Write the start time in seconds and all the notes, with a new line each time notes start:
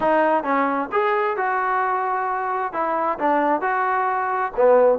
0.00 D#4
0.43 C#4
0.92 G#4
1.36 F#4
2.73 E4
3.18 D4
3.61 F#4
4.56 B3